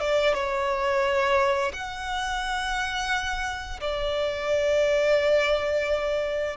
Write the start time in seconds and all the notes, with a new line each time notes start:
0.00 D5
0.34 C#5
1.73 F#5
3.81 D5